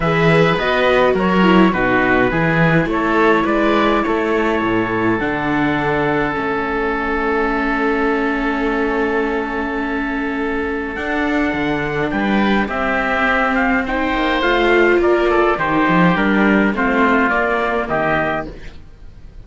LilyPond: <<
  \new Staff \with { instrumentName = "trumpet" } { \time 4/4 \tempo 4 = 104 e''4 dis''4 cis''4 b'4~ | b'4 cis''4 d''4 cis''4~ | cis''4 fis''2 e''4~ | e''1~ |
e''2. fis''4~ | fis''4 g''4 e''4. f''8 | g''4 f''4 d''4 c''4 | ais'4 c''4 d''4 dis''4 | }
  \new Staff \with { instrumentName = "oboe" } { \time 4/4 b'2 ais'4 fis'4 | gis'4 a'4 b'4 a'4~ | a'1~ | a'1~ |
a'1~ | a'4 b'4 g'2 | c''2 ais'8 a'8 g'4~ | g'4 f'2 g'4 | }
  \new Staff \with { instrumentName = "viola" } { \time 4/4 gis'4 fis'4. e'8 dis'4 | e'1~ | e'4 d'2 cis'4~ | cis'1~ |
cis'2. d'4~ | d'2 c'2 | dis'4 f'2 dis'4 | d'4 c'4 ais2 | }
  \new Staff \with { instrumentName = "cello" } { \time 4/4 e4 b4 fis4 b,4 | e4 a4 gis4 a4 | a,4 d2 a4~ | a1~ |
a2. d'4 | d4 g4 c'2~ | c'8 ais8 a4 ais4 dis8 f8 | g4 a4 ais4 dis4 | }
>>